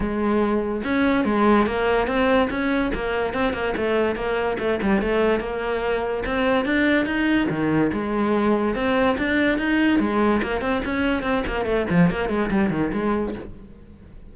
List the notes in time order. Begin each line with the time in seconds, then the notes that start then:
0.00 G#3
0.84 C#4
1.24 G#3
1.66 A#3
2.07 C4
2.50 C#4
2.94 A#3
3.33 C4
3.53 A#3
3.76 A3
4.15 A#3
4.59 A3
4.81 G3
5.01 A3
5.40 A#3
6.25 C4
6.65 D4
7.05 D#4
7.49 D#3
7.93 G#3
8.75 C4
9.18 D4
9.58 D#4
9.99 G#3
10.42 A#3
10.61 C4
10.84 C#4
11.22 C4
11.46 A#3
11.65 A3
11.90 F3
12.10 A#3
12.29 G#3
12.50 G3
12.70 D#3
12.92 G#3